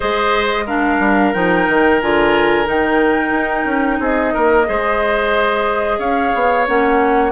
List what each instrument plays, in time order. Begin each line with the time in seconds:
0.00 bassoon G#3, clarinet G#4, oboe C5, flute D#5
0.66 clarinet D4, oboe A#4, flute F5
0.99 bassoon G3
1.33 bassoon F3, clarinet D#4, flute G5
1.68 bassoon D#3
2.01 bassoon D3, clarinet F4, flute G#5
2.65 bassoon D#3, clarinet D#4, flute G5
3.31 bassoon D#4
3.64 bassoon C#4
3.99 bassoon C4, oboe G#4, flute D#5
4.33 bassoon A#3, oboe A#4
4.65 bassoon G#3, clarinet G#4, oboe C5
5.98 bassoon C#4, oboe C#5, flute F5
6.34 bassoon B3
6.67 bassoon A#3, clarinet C#4, flute F#5